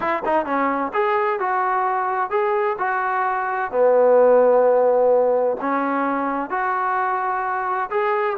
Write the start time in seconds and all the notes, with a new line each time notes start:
0.00 E4
0.25 D#4
0.45 C#4
0.93 G#4
1.39 F#4
2.30 G#4
2.78 F#4
3.71 B3
5.60 C#4
6.50 F#4
7.90 G#4